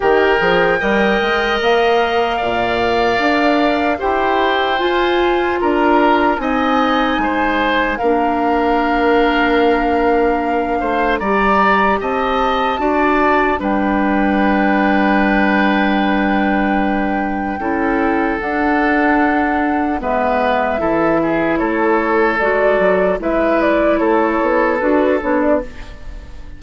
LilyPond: <<
  \new Staff \with { instrumentName = "flute" } { \time 4/4 \tempo 4 = 75 g''2 f''2~ | f''4 g''4 gis''4 ais''4 | gis''2 f''2~ | f''2 ais''4 a''4~ |
a''4 g''2.~ | g''2. fis''4~ | fis''4 e''2 cis''4 | d''4 e''8 d''8 cis''4 b'8 cis''16 d''16 | }
  \new Staff \with { instrumentName = "oboe" } { \time 4/4 ais'4 dis''2 d''4~ | d''4 c''2 ais'4 | dis''4 c''4 ais'2~ | ais'4. c''8 d''4 dis''4 |
d''4 b'2.~ | b'2 a'2~ | a'4 b'4 a'8 gis'8 a'4~ | a'4 b'4 a'2 | }
  \new Staff \with { instrumentName = "clarinet" } { \time 4/4 g'8 gis'8 ais'2.~ | ais'4 g'4 f'2 | dis'2 d'2~ | d'2 g'2 |
fis'4 d'2.~ | d'2 e'4 d'4~ | d'4 b4 e'2 | fis'4 e'2 fis'8 d'8 | }
  \new Staff \with { instrumentName = "bassoon" } { \time 4/4 dis8 f8 g8 gis8 ais4 ais,4 | d'4 e'4 f'4 d'4 | c'4 gis4 ais2~ | ais4. a8 g4 c'4 |
d'4 g2.~ | g2 cis'4 d'4~ | d'4 gis4 e4 a4 | gis8 fis8 gis4 a8 b8 d'8 b8 | }
>>